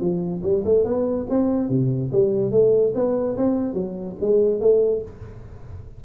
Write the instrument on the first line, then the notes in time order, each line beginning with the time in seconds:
tuba
0.00 F3
0.42 G3
0.64 A3
0.84 B3
1.29 C4
1.69 C3
2.12 G3
2.51 A3
2.94 B3
3.36 C4
3.73 F#3
4.20 G#3
4.60 A3